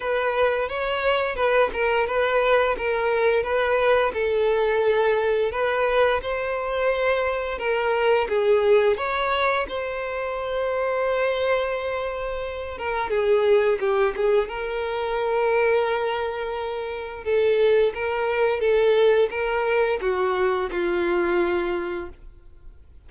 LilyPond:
\new Staff \with { instrumentName = "violin" } { \time 4/4 \tempo 4 = 87 b'4 cis''4 b'8 ais'8 b'4 | ais'4 b'4 a'2 | b'4 c''2 ais'4 | gis'4 cis''4 c''2~ |
c''2~ c''8 ais'8 gis'4 | g'8 gis'8 ais'2.~ | ais'4 a'4 ais'4 a'4 | ais'4 fis'4 f'2 | }